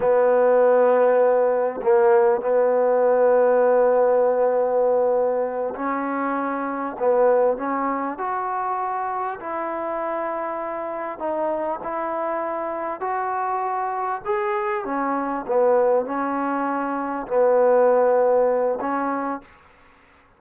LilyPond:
\new Staff \with { instrumentName = "trombone" } { \time 4/4 \tempo 4 = 99 b2. ais4 | b1~ | b4. cis'2 b8~ | b8 cis'4 fis'2 e'8~ |
e'2~ e'8 dis'4 e'8~ | e'4. fis'2 gis'8~ | gis'8 cis'4 b4 cis'4.~ | cis'8 b2~ b8 cis'4 | }